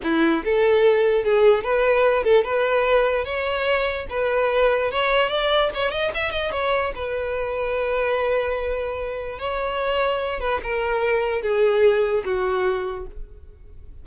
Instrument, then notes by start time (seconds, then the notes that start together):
violin
0.03 E4
0.44 A4
1.24 G#4
1.63 B4
2.23 A4
2.44 B4
3.24 C#5
4.09 B4
4.91 C#5
5.29 D5
5.74 C#5
5.90 D#5
6.14 E5
6.31 D#5
6.51 C#5
6.95 B4
9.39 C#5
10.40 B4
10.63 A#4
11.42 G#4
12.24 F#4